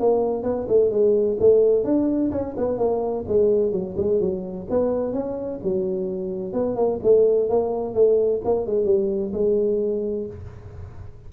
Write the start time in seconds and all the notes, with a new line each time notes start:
0.00 A#3
0.43 B3
0.69 A3
0.91 G#3
1.40 A3
1.85 D4
2.32 C#4
2.57 B3
2.78 A#3
3.28 G#3
3.72 F#3
3.97 G#3
4.20 F#3
4.70 B3
5.13 C#4
5.63 F#3
6.53 B3
6.76 A#3
7.03 A3
7.49 A#3
7.94 A3
8.45 A#3
8.67 G#3
8.85 G3
9.33 G#3